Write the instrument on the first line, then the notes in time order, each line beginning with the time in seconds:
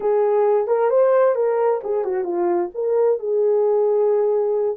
horn
0.00 G#4
0.67 A#4
0.90 C5
1.35 A#4
1.83 G#4
2.04 F#4
2.24 F4
2.74 A#4
3.19 G#4